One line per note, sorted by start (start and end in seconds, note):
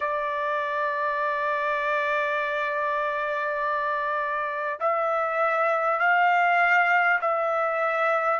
0.00 4.79 D5
4.80 5.99 E5
5.99 7.19 F5
7.21 8.39 E5